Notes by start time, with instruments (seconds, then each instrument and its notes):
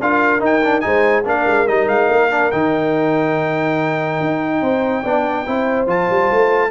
0.00 tuba D4, trombone F4, horn A#4, trumpet F5
0.40 trombone D#4, tuba D#4, trumpet G5
0.64 trombone D4
0.81 tuba G#3, trombone D#4, horn C5, trumpet G#5
1.25 tuba A#3, trombone D4, horn A#4, trumpet F5
1.46 tuba G#3
1.67 tuba G3, trombone D#4, trumpet D#5
1.87 tuba G#3, trumpet F5
2.10 tuba A#3
2.31 trombone D4
2.51 tuba D#3, trombone D#4, trumpet G5
4.20 tuba D#4
4.61 tuba C4, horn C5
5.02 tuba B3, trombone D4, horn D5
5.46 tuba C4, trombone E4, horn C5
5.87 tuba F3, trombone F4, trumpet A5
6.10 tuba G3
6.31 tuba A3